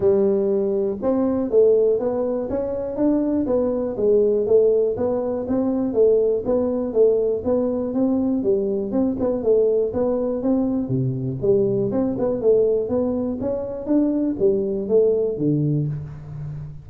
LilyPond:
\new Staff \with { instrumentName = "tuba" } { \time 4/4 \tempo 4 = 121 g2 c'4 a4 | b4 cis'4 d'4 b4 | gis4 a4 b4 c'4 | a4 b4 a4 b4 |
c'4 g4 c'8 b8 a4 | b4 c'4 c4 g4 | c'8 b8 a4 b4 cis'4 | d'4 g4 a4 d4 | }